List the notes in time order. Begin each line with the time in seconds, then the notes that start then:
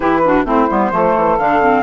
0.00 E3 E4 G4 B4
0.24 D4 F#4
0.44 A3 C4 E4 C5
0.70 G3 B3
0.91 F3 A3 A4
1.16 E3
1.38 D3 D4 F5
1.61 C4